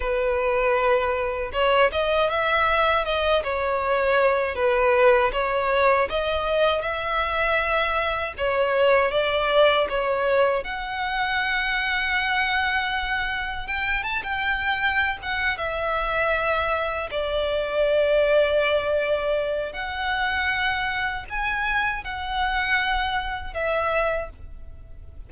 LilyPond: \new Staff \with { instrumentName = "violin" } { \time 4/4 \tempo 4 = 79 b'2 cis''8 dis''8 e''4 | dis''8 cis''4. b'4 cis''4 | dis''4 e''2 cis''4 | d''4 cis''4 fis''2~ |
fis''2 g''8 a''16 g''4~ g''16 | fis''8 e''2 d''4.~ | d''2 fis''2 | gis''4 fis''2 e''4 | }